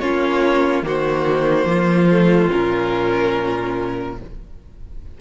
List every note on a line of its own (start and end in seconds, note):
0.00 0.83 A#3
0.00 0.84 C#4
0.00 0.85 F4
0.00 0.83 C#5
0.83 1.65 D#3
0.83 2.09 A#3
0.83 1.68 F#4
0.83 2.52 C5
1.65 2.48 F3
1.65 4.18 F4
2.11 2.51 A3
2.51 4.21 A#2
2.51 4.17 C#4
2.51 4.18 A#4